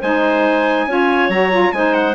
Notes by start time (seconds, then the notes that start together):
0.00 G#3 D#4 C5 G#5
0.87 C#4 F4 C#5
1.29 F#3 F#4 A#5
1.51 F4
1.72 G#3 D#4 C5 G#5
1.94 F#5